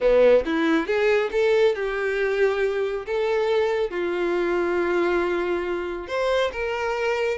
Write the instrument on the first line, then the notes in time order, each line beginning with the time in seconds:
violin
0.00 B3
0.45 E4
0.86 G#4
1.31 A4
1.75 G4
3.06 A4
3.90 F4
6.07 C5
6.52 A#4